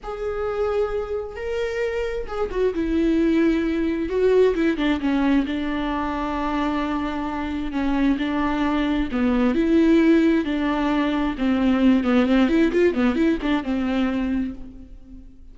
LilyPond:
\new Staff \with { instrumentName = "viola" } { \time 4/4 \tempo 4 = 132 gis'2. ais'4~ | ais'4 gis'8 fis'8 e'2~ | e'4 fis'4 e'8 d'8 cis'4 | d'1~ |
d'4 cis'4 d'2 | b4 e'2 d'4~ | d'4 c'4. b8 c'8 e'8 | f'8 b8 e'8 d'8 c'2 | }